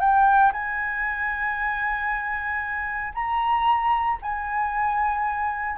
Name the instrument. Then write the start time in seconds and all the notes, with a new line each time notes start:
flute
0.00 G5
0.53 G#5
3.15 A#5
4.22 G#5